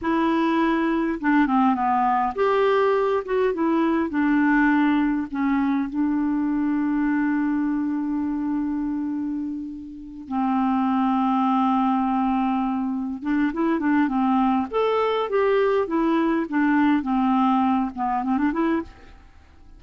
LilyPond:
\new Staff \with { instrumentName = "clarinet" } { \time 4/4 \tempo 4 = 102 e'2 d'8 c'8 b4 | g'4. fis'8 e'4 d'4~ | d'4 cis'4 d'2~ | d'1~ |
d'4. c'2~ c'8~ | c'2~ c'8 d'8 e'8 d'8 | c'4 a'4 g'4 e'4 | d'4 c'4. b8 c'16 d'16 e'8 | }